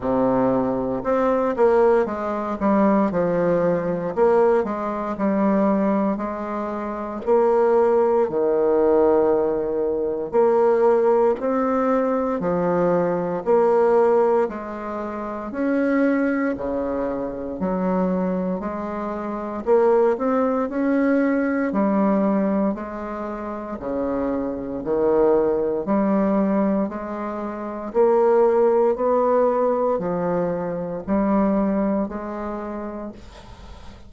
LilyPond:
\new Staff \with { instrumentName = "bassoon" } { \time 4/4 \tempo 4 = 58 c4 c'8 ais8 gis8 g8 f4 | ais8 gis8 g4 gis4 ais4 | dis2 ais4 c'4 | f4 ais4 gis4 cis'4 |
cis4 fis4 gis4 ais8 c'8 | cis'4 g4 gis4 cis4 | dis4 g4 gis4 ais4 | b4 f4 g4 gis4 | }